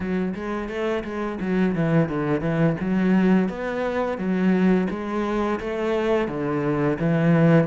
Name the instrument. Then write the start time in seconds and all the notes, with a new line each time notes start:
cello
0.00 F#3
0.34 G#3
0.68 A3
1.04 G#3
1.40 F#3
1.75 E3
2.08 D3
2.41 E3
2.80 F#3
3.49 B3
4.17 F#3
4.90 G#3
5.60 A3
6.28 D3
6.99 E3